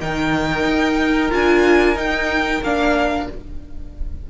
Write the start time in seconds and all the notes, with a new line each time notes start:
0.00 D#3 D#4 A#4 G5
0.65 D#4
1.30 D4 F4 G#5
1.95 D#4 G5
2.62 A#3 D4 F5